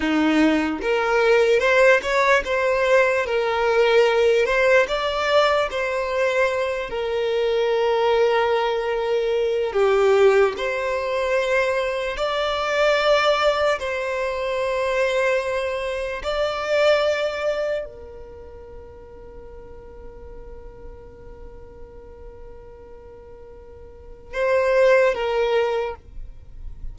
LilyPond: \new Staff \with { instrumentName = "violin" } { \time 4/4 \tempo 4 = 74 dis'4 ais'4 c''8 cis''8 c''4 | ais'4. c''8 d''4 c''4~ | c''8 ais'2.~ ais'8 | g'4 c''2 d''4~ |
d''4 c''2. | d''2 ais'2~ | ais'1~ | ais'2 c''4 ais'4 | }